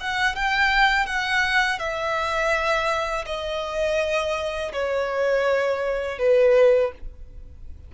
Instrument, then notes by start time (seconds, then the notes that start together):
violin
0.00 F#5
0.35 G5
1.06 F#5
1.79 E5
3.26 D#5
4.72 C#5
6.18 B4